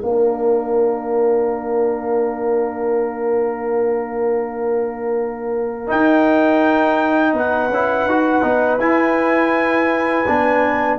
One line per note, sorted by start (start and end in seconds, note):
0.00 5.89 A#3
0.00 5.87 D4
0.00 7.34 A#4
0.00 5.85 F5
5.87 7.70 D#4
5.87 7.33 D#4
5.87 7.37 G5
7.33 7.69 B3
7.33 10.99 B4
7.33 8.80 F#5
7.69 8.05 C#4
7.69 8.09 E4
8.05 8.42 D#4
8.05 8.43 F#4
8.43 8.80 B3
8.43 8.79 D#4
8.80 10.26 E4
8.80 10.99 G#5
10.28 10.99 B3
10.28 10.99 D4